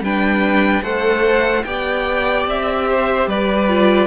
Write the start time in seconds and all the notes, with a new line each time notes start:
0.00 G3 D4 B4 G5
0.82 A3 A4 C5 F#5
1.64 B3 G4 D5 G5
2.46 C4 E5
2.89 C5
3.27 G3 B4 D5
3.68 F4